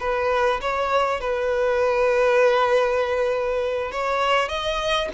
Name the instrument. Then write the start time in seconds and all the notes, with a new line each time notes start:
violin
0.00 B4
0.61 C#5
1.21 B4
3.92 C#5
4.48 D#5